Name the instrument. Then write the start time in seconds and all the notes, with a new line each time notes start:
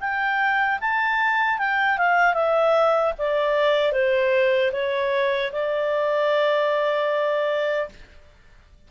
clarinet
0.00 G5
0.80 A5
1.58 G5
1.98 F5
2.34 E5
3.18 D5
3.92 C5
4.72 C#5
5.52 D5